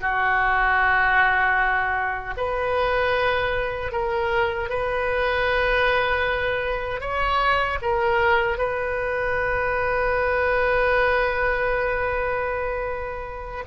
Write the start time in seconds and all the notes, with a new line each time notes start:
0.00 F#4
2.37 B4
3.92 A#4
4.69 B4
7.00 C#5
7.81 A#4
8.57 B4